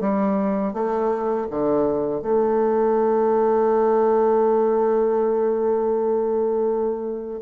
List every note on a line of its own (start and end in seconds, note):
0.00 0.73 G3
0.73 1.47 A3
1.50 2.22 D3
2.22 7.40 A3